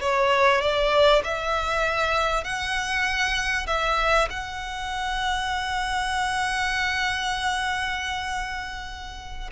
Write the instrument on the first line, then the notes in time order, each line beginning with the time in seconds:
violin
0.00 C#5
0.61 D5
1.24 E5
2.44 F#5
3.67 E5
4.30 F#5